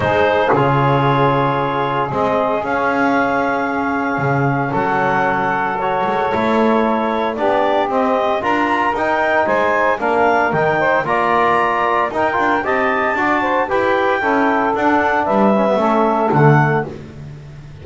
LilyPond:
<<
  \new Staff \with { instrumentName = "clarinet" } { \time 4/4 \tempo 4 = 114 c''4 cis''2. | dis''4 f''2.~ | f''4 fis''2 cis''4~ | cis''2 d''4 dis''4 |
ais''4 g''4 gis''4 f''4 | g''4 ais''2 g''4 | a''2 g''2 | fis''4 e''2 fis''4 | }
  \new Staff \with { instrumentName = "saxophone" } { \time 4/4 gis'1~ | gis'1~ | gis'4 a'2.~ | a'2 g'2 |
ais'2 c''4 ais'4~ | ais'8 c''8 d''2 ais'4 | dis''4 d''8 c''8 b'4 a'4~ | a'4 b'4 a'2 | }
  \new Staff \with { instrumentName = "trombone" } { \time 4/4 dis'4 f'2. | c'4 cis'2.~ | cis'2. fis'4 | e'2 d'4 c'4 |
f'4 dis'2 d'4 | dis'4 f'2 dis'8 f'8 | g'4 fis'4 g'4 e'4 | d'4. cis'16 b16 cis'4 a4 | }
  \new Staff \with { instrumentName = "double bass" } { \time 4/4 gis4 cis2. | gis4 cis'2. | cis4 fis2~ fis8 gis8 | a2 b4 c'4 |
d'4 dis'4 gis4 ais4 | dis4 ais2 dis'8 d'8 | c'4 d'4 e'4 cis'4 | d'4 g4 a4 d4 | }
>>